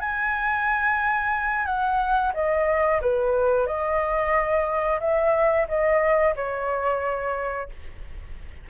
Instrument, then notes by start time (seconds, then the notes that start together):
flute
0.00 G#5
1.65 F#5
2.33 D#5
3.01 B4
3.66 D#5
5.00 E5
5.68 D#5
6.35 C#5